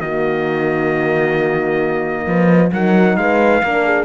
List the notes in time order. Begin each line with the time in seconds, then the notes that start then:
0.00 D#3 A#3 F#4 D#5
2.26 F3 B4
2.72 F#3 D#4 A#4 F#5
3.16 G#3 B4 F5
3.63 A#3 D4 A#4
3.85 G#4